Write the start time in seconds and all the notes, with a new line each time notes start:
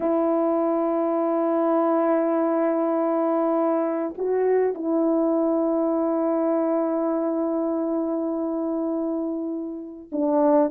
0.00 E4
4.17 F#4
4.74 E4
10.12 D4